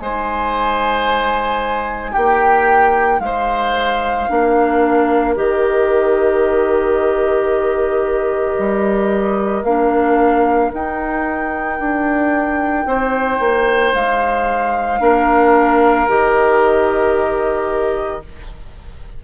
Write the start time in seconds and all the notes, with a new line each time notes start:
0.00 G#3 D#4 C5 G#5
2.12 A#3 G4 G5
3.20 G#3 C5 F5
4.28 A#3 D4 A#4
5.36 D#3 G4 D#5
8.58 G3
9.64 A#3 D4 F5
10.72 D#4 G5
11.79 D4
12.85 C4 C5
13.40 A#3
13.94 G#3 F5
15.00 A#3 D4 A#4
16.08 D#3 G4 D#5